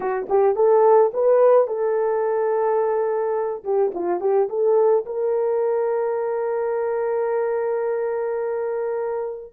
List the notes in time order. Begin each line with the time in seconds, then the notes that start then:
0.00 F#4
0.29 G4
0.55 A4
1.13 B4
1.67 A4
3.63 G4
3.94 F4
4.20 G4
4.49 A4
5.05 A#4